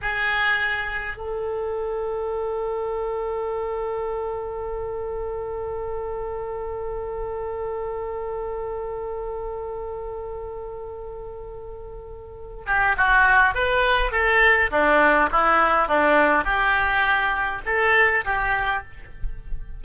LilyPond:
\new Staff \with { instrumentName = "oboe" } { \time 4/4 \tempo 4 = 102 gis'2 a'2~ | a'1~ | a'1~ | a'1~ |
a'1~ | a'4. g'8 fis'4 b'4 | a'4 d'4 e'4 d'4 | g'2 a'4 g'4 | }